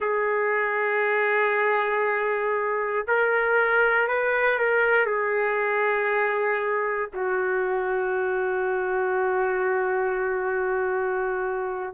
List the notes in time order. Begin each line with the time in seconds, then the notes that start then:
0.00 G#4
3.07 A#4
4.07 B4
4.59 A#4
5.06 G#4
7.13 F#4